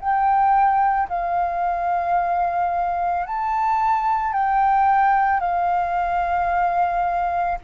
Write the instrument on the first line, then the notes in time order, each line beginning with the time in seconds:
flute
0.00 G5
1.09 F5
3.27 A5
4.33 G5
5.40 F5